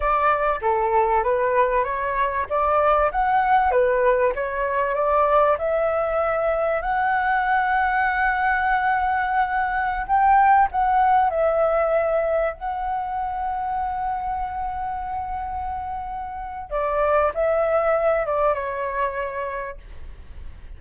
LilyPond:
\new Staff \with { instrumentName = "flute" } { \time 4/4 \tempo 4 = 97 d''4 a'4 b'4 cis''4 | d''4 fis''4 b'4 cis''4 | d''4 e''2 fis''4~ | fis''1~ |
fis''16 g''4 fis''4 e''4.~ e''16~ | e''16 fis''2.~ fis''8.~ | fis''2. d''4 | e''4. d''8 cis''2 | }